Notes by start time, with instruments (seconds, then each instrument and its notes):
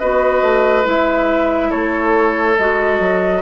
0.00 bassoon B3, clarinet F#4, oboe B4, flute D#5
0.42 bassoon A3
0.84 bassoon G#3, clarinet E4, flute E5
1.70 bassoon A3, oboe A4, flute C#5
2.58 bassoon G#3, clarinet F#4, flute D#5
3.00 bassoon F#3